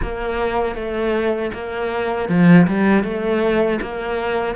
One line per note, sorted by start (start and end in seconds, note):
0.02 0.75 A#3
0.75 1.51 A3
1.53 2.29 A#3
2.29 2.67 F3
2.67 3.03 G3
3.03 3.79 A3
3.81 4.55 A#3